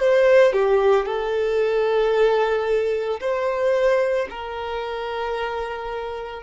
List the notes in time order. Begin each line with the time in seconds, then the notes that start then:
0.00 C5
0.53 G4
1.06 A4
3.21 C5
4.30 A#4